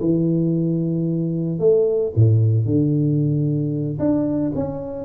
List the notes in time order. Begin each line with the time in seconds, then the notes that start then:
0.00 E3
1.59 A3
2.16 A2
2.65 D3
3.99 D4
4.55 C#4